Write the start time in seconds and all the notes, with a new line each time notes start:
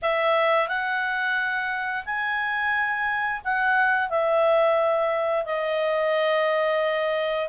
0.02 E5
0.68 F#5
2.05 G#5
3.44 F#5
4.09 E5
5.45 D#5